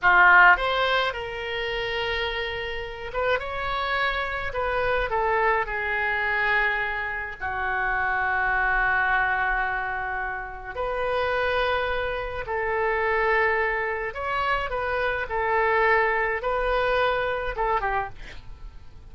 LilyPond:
\new Staff \with { instrumentName = "oboe" } { \time 4/4 \tempo 4 = 106 f'4 c''4 ais'2~ | ais'4. b'8 cis''2 | b'4 a'4 gis'2~ | gis'4 fis'2.~ |
fis'2. b'4~ | b'2 a'2~ | a'4 cis''4 b'4 a'4~ | a'4 b'2 a'8 g'8 | }